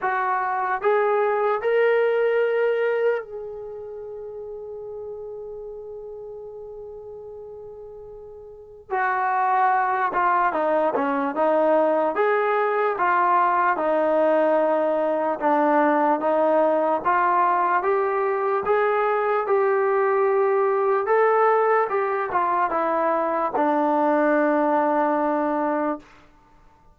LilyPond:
\new Staff \with { instrumentName = "trombone" } { \time 4/4 \tempo 4 = 74 fis'4 gis'4 ais'2 | gis'1~ | gis'2. fis'4~ | fis'8 f'8 dis'8 cis'8 dis'4 gis'4 |
f'4 dis'2 d'4 | dis'4 f'4 g'4 gis'4 | g'2 a'4 g'8 f'8 | e'4 d'2. | }